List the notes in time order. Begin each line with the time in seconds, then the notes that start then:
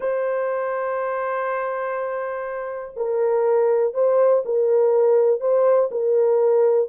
0.00 C5
2.96 A#4
3.93 C5
4.45 A#4
5.40 C5
5.91 A#4